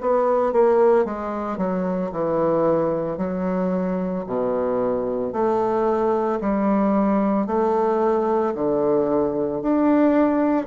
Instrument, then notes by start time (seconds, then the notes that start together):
bassoon
0.00 B3
0.52 A#3
1.05 G#3
1.57 F#3
2.11 E3
3.17 F#3
4.26 B2
5.32 A3
6.40 G3
7.47 A3
8.54 D3
9.61 D4